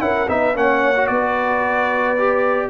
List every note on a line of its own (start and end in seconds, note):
0.00 0.28 C#4
0.00 0.27 E4
0.00 0.30 A#4
0.00 0.28 F#5
0.28 0.55 B3
0.28 0.55 D#4
0.28 0.57 B4
0.28 0.56 E5
0.55 1.09 A#3
0.55 0.95 C#4
0.55 1.11 C#5
0.55 1.07 F#5
0.96 2.17 F#4
1.07 2.69 B3
1.07 2.69 B4
1.07 2.69 D5
2.18 2.69 G4